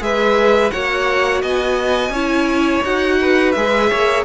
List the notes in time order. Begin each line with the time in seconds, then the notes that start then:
0.00 G#3 G#4 B4 E5
0.70 A#3 F#4 C#5 F#5
1.42 B3 D#5 G#5
2.09 C#4 E4 C#5
2.84 D#4 F#4 F#5
3.21 B4
3.52 G#3 G#4 E5
3.90 A#3 C#5